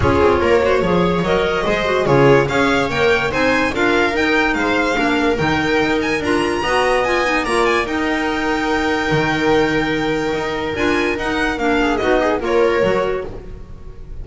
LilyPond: <<
  \new Staff \with { instrumentName = "violin" } { \time 4/4 \tempo 4 = 145 cis''2. dis''4~ | dis''4 cis''4 f''4 g''4 | gis''4 f''4 g''4 f''4~ | f''4 g''4. gis''8 ais''4~ |
ais''4 gis''4 ais''8 gis''8 g''4~ | g''1~ | g''2 gis''4 fis''4 | f''4 dis''4 cis''2 | }
  \new Staff \with { instrumentName = "viola" } { \time 4/4 gis'4 ais'8 c''8 cis''2 | c''4 gis'4 cis''2 | c''4 ais'2 c''4 | ais'1 |
dis''2 d''4 ais'4~ | ais'1~ | ais'1~ | ais'8 gis'8 fis'8 gis'8 ais'2 | }
  \new Staff \with { instrumentName = "clarinet" } { \time 4/4 f'4. fis'8 gis'4 ais'4 | gis'8 fis'8 f'4 gis'4 ais'4 | dis'4 f'4 dis'2 | d'4 dis'2 f'4 |
fis'4 f'8 dis'8 f'4 dis'4~ | dis'1~ | dis'2 f'4 dis'4 | d'4 dis'4 f'4 fis'4 | }
  \new Staff \with { instrumentName = "double bass" } { \time 4/4 cis'8 c'8 ais4 f4 fis4 | gis4 cis4 cis'4 ais4 | c'4 d'4 dis'4 gis4 | ais4 dis4 dis'4 d'4 |
b2 ais4 dis'4~ | dis'2 dis2~ | dis4 dis'4 d'4 dis'4 | ais4 b4 ais4 fis4 | }
>>